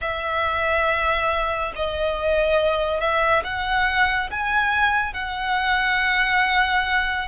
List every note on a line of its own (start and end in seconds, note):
0.01 1.72 E5
1.75 3.00 D#5
3.00 3.43 E5
3.44 4.29 F#5
4.30 5.14 G#5
5.14 7.28 F#5